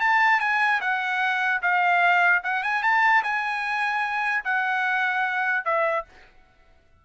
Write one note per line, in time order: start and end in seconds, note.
0.00 0.40 A5
0.40 0.80 G#5
0.81 1.61 F#5
1.62 2.43 F5
2.43 2.63 F#5
2.63 2.83 G#5
2.83 3.23 A5
3.23 4.44 G#5
4.44 5.65 F#5
5.65 6.05 E5